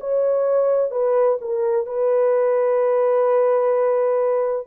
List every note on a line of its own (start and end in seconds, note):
0.00 0.91 C#5
0.91 1.38 B4
1.41 1.86 A#4
1.86 4.67 B4